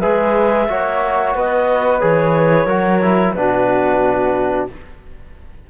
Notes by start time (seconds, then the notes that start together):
0.00 G#3 G#4 B4 E5
0.68 A#3 F#4 C#5
1.35 B3 B4 D#5
2.00 E3 G#4 C#5
2.65 F#3 F#4 A#4
3.02 E4
3.33 B2 D4 F#4 B4